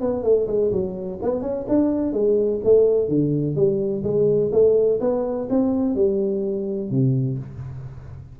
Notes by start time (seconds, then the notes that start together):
0.00 B3
0.23 A3
0.47 G#3
0.71 F#3
1.22 B3
1.41 C#4
1.68 D4
2.12 G#3
2.64 A3
3.08 D3
3.55 G3
4.03 G#3
4.52 A3
5.00 B3
5.49 C4
5.95 G3
6.90 C3